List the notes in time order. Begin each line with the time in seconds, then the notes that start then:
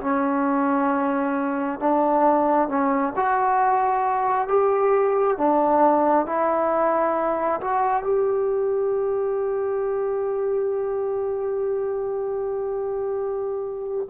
0.00 C#4
1.79 D4
2.68 C#4
3.16 F#4
4.48 G4
5.37 D4
6.26 E4
7.60 F#4
8.03 G4